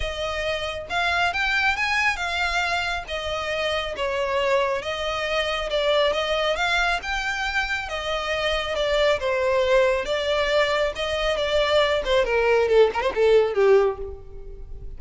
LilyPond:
\new Staff \with { instrumentName = "violin" } { \time 4/4 \tempo 4 = 137 dis''2 f''4 g''4 | gis''4 f''2 dis''4~ | dis''4 cis''2 dis''4~ | dis''4 d''4 dis''4 f''4 |
g''2 dis''2 | d''4 c''2 d''4~ | d''4 dis''4 d''4. c''8 | ais'4 a'8 ais'16 c''16 a'4 g'4 | }